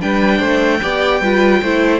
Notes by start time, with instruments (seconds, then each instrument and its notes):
0.00 cello G3, viola D4, violin B4 G5
0.38 cello A3, violin C5
0.82 cello B3, viola G4, violin D5
1.21 cello G3, viola F4, violin B4
1.62 cello A3, viola E4, violin C5